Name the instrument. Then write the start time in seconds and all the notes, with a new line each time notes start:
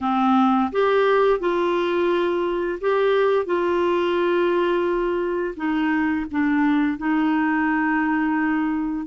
clarinet
0.00 C4
0.72 G4
1.39 F4
2.81 G4
3.45 F4
5.56 D#4
6.31 D4
6.97 D#4